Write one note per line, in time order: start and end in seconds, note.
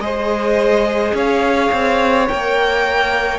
0.00 1.13 G#3
0.00 2.28 G#4
0.00 1.15 C5
0.00 1.14 D#5
1.14 1.71 C#4
1.14 3.40 C#5
1.14 2.28 F5
1.72 2.29 C4
2.28 3.40 A#3
2.28 3.40 A#4
2.28 3.40 G5